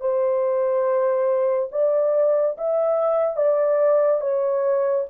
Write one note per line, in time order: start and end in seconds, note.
0.00 1.69 C5
1.71 2.56 D5
2.57 3.36 E5
3.36 4.21 D5
4.21 5.05 C#5